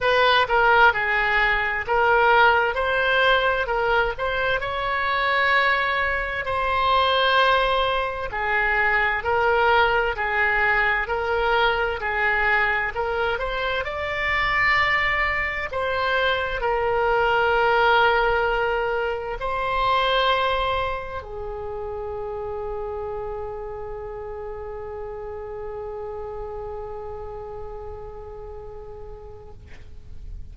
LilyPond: \new Staff \with { instrumentName = "oboe" } { \time 4/4 \tempo 4 = 65 b'8 ais'8 gis'4 ais'4 c''4 | ais'8 c''8 cis''2 c''4~ | c''4 gis'4 ais'4 gis'4 | ais'4 gis'4 ais'8 c''8 d''4~ |
d''4 c''4 ais'2~ | ais'4 c''2 gis'4~ | gis'1~ | gis'1 | }